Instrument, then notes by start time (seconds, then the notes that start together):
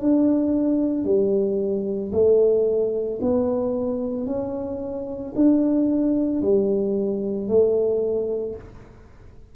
tuba
0.00 D4
1.04 G3
2.12 A3
3.21 B3
4.26 C#4
5.35 D4
6.41 G3
7.48 A3